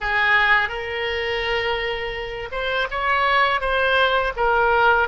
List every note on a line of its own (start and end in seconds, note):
0.00 0.68 G#4
0.68 2.49 A#4
2.51 2.87 C5
2.90 3.60 C#5
3.60 4.32 C5
4.36 5.08 A#4